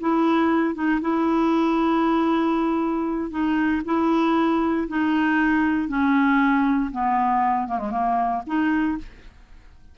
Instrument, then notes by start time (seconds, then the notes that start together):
clarinet
0.00 E4
0.74 D#4
1.00 E4
3.30 D#4
3.85 E4
4.88 D#4
5.88 C#4
6.91 B3
7.67 A#3
7.78 G#3
7.90 A#3
8.46 D#4